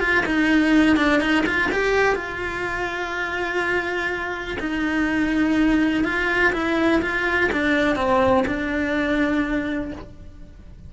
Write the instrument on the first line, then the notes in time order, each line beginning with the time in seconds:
cello
0.00 F4
0.26 D#4
0.97 D4
1.20 D#4
1.46 F4
1.72 G4
2.16 F4
4.60 D#4
6.04 F4
6.53 E4
7.02 F4
7.52 D4
7.96 C4
8.47 D4